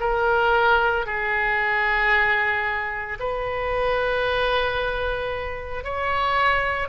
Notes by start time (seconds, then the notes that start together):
0.00 A#4
1.06 G#4
3.20 B4
5.84 C#5